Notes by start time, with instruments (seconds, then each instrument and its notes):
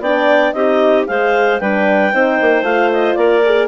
0.00 bassoon B3, horn D4, clarinet D5 G5
0.53 bassoon C4, horn D#4, clarinet G4 D#5
1.07 bassoon G#3, horn G#4, clarinet C5 F5
1.60 bassoon G3, horn D4, clarinet B4 G5
2.12 bassoon C4, horn D#4, clarinet C5
2.42 bassoon A#3
2.62 bassoon A3, horn F4, clarinet F5
2.93 clarinet D#5
3.15 bassoon A#3, clarinet A#4 D5
3.46 horn G#4